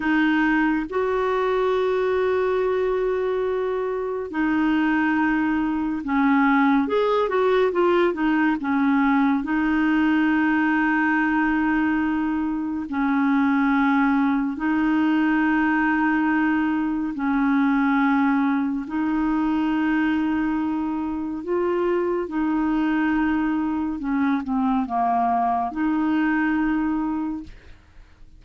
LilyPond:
\new Staff \with { instrumentName = "clarinet" } { \time 4/4 \tempo 4 = 70 dis'4 fis'2.~ | fis'4 dis'2 cis'4 | gis'8 fis'8 f'8 dis'8 cis'4 dis'4~ | dis'2. cis'4~ |
cis'4 dis'2. | cis'2 dis'2~ | dis'4 f'4 dis'2 | cis'8 c'8 ais4 dis'2 | }